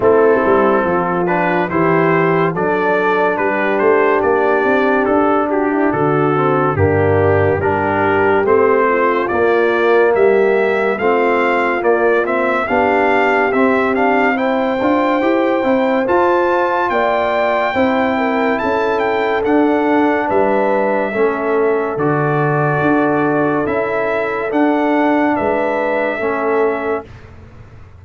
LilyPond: <<
  \new Staff \with { instrumentName = "trumpet" } { \time 4/4 \tempo 4 = 71 a'4. b'8 c''4 d''4 | b'8 c''8 d''4 a'8 g'8 a'4 | g'4 ais'4 c''4 d''4 | e''4 f''4 d''8 e''8 f''4 |
e''8 f''8 g''2 a''4 | g''2 a''8 g''8 fis''4 | e''2 d''2 | e''4 fis''4 e''2 | }
  \new Staff \with { instrumentName = "horn" } { \time 4/4 e'4 f'4 g'4 a'4 | g'2~ g'8 fis'16 e'16 fis'4 | d'4 g'4. f'4. | g'4 f'2 g'4~ |
g'4 c''2. | d''4 c''8 ais'8 a'2 | b'4 a'2.~ | a'2 b'4 a'4 | }
  \new Staff \with { instrumentName = "trombone" } { \time 4/4 c'4. d'8 e'4 d'4~ | d'2.~ d'8 c'8 | ais4 d'4 c'4 ais4~ | ais4 c'4 ais8 c'8 d'4 |
c'8 d'8 e'8 f'8 g'8 e'8 f'4~ | f'4 e'2 d'4~ | d'4 cis'4 fis'2 | e'4 d'2 cis'4 | }
  \new Staff \with { instrumentName = "tuba" } { \time 4/4 a8 g8 f4 e4 fis4 | g8 a8 ais8 c'8 d'4 d4 | g,4 g4 a4 ais4 | g4 a4 ais4 b4 |
c'4. d'8 e'8 c'8 f'4 | ais4 c'4 cis'4 d'4 | g4 a4 d4 d'4 | cis'4 d'4 gis4 a4 | }
>>